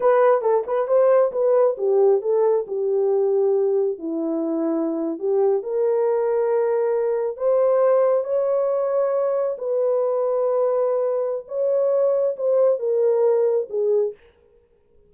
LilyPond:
\new Staff \with { instrumentName = "horn" } { \time 4/4 \tempo 4 = 136 b'4 a'8 b'8 c''4 b'4 | g'4 a'4 g'2~ | g'4 e'2~ e'8. g'16~ | g'8. ais'2.~ ais'16~ |
ais'8. c''2 cis''4~ cis''16~ | cis''4.~ cis''16 b'2~ b'16~ | b'2 cis''2 | c''4 ais'2 gis'4 | }